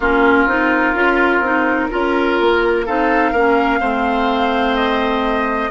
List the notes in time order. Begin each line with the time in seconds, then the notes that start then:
0.00 A#3 C#4 F4 A#4
0.46 C4 D#4
0.94 C#4 F4
1.40 C4 D#4
1.90 C#4 F4 A#4
2.40 A#3
2.86 C4 D#4 A4 F5
3.31 A#3 C#4 A#4
3.80 A3 C4 C5
4.75 D#5